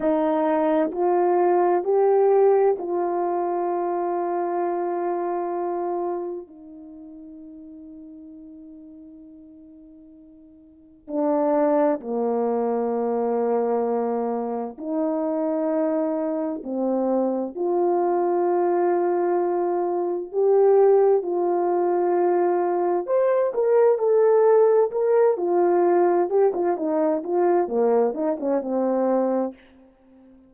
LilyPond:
\new Staff \with { instrumentName = "horn" } { \time 4/4 \tempo 4 = 65 dis'4 f'4 g'4 f'4~ | f'2. dis'4~ | dis'1 | d'4 ais2. |
dis'2 c'4 f'4~ | f'2 g'4 f'4~ | f'4 c''8 ais'8 a'4 ais'8 f'8~ | f'8 g'16 f'16 dis'8 f'8 ais8 dis'16 cis'16 c'4 | }